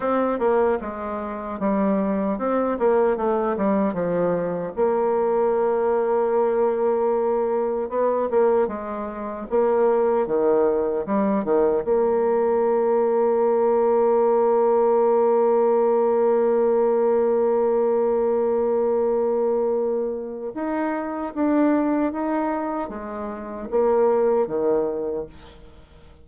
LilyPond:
\new Staff \with { instrumentName = "bassoon" } { \time 4/4 \tempo 4 = 76 c'8 ais8 gis4 g4 c'8 ais8 | a8 g8 f4 ais2~ | ais2 b8 ais8 gis4 | ais4 dis4 g8 dis8 ais4~ |
ais1~ | ais1~ | ais2 dis'4 d'4 | dis'4 gis4 ais4 dis4 | }